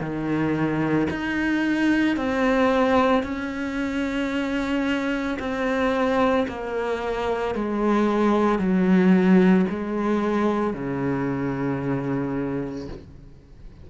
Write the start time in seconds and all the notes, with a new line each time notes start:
0.00 D#3
1.10 D#4
2.16 C4
3.23 C#4
5.39 C4
6.48 A#3
7.54 G#3
8.58 F#3
9.69 G#3
10.73 C#3